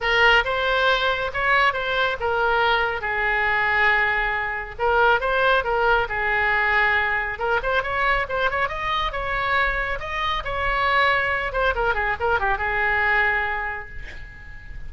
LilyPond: \new Staff \with { instrumentName = "oboe" } { \time 4/4 \tempo 4 = 138 ais'4 c''2 cis''4 | c''4 ais'2 gis'4~ | gis'2. ais'4 | c''4 ais'4 gis'2~ |
gis'4 ais'8 c''8 cis''4 c''8 cis''8 | dis''4 cis''2 dis''4 | cis''2~ cis''8 c''8 ais'8 gis'8 | ais'8 g'8 gis'2. | }